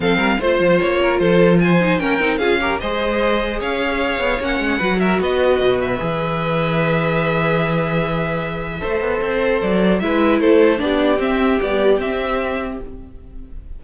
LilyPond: <<
  \new Staff \with { instrumentName = "violin" } { \time 4/4 \tempo 4 = 150 f''4 c''4 cis''4 c''4 | gis''4 g''4 f''4 dis''4~ | dis''4 f''2 fis''4~ | fis''8 e''8 dis''4. e''4.~ |
e''1~ | e''1 | d''4 e''4 c''4 d''4 | e''4 d''4 e''2 | }
  \new Staff \with { instrumentName = "violin" } { \time 4/4 a'8 ais'8 c''4. ais'8 a'4 | c''4 ais'4 gis'8 ais'8 c''4~ | c''4 cis''2. | b'8 ais'8 b'2.~ |
b'1~ | b'2 c''2~ | c''4 b'4 a'4 g'4~ | g'1 | }
  \new Staff \with { instrumentName = "viola" } { \time 4/4 c'4 f'2.~ | f'8 dis'8 cis'8 dis'8 f'8 g'8 gis'4~ | gis'2. cis'4 | fis'2. gis'4~ |
gis'1~ | gis'2 a'2~ | a'4 e'2 d'4 | c'4 g4 c'2 | }
  \new Staff \with { instrumentName = "cello" } { \time 4/4 f8 g8 a8 f8 ais4 f4~ | f4 ais8 c'8 cis'4 gis4~ | gis4 cis'4. b8 ais8 gis8 | fis4 b4 b,4 e4~ |
e1~ | e2 a8 b8 c'4 | fis4 gis4 a4 b4 | c'4 b4 c'2 | }
>>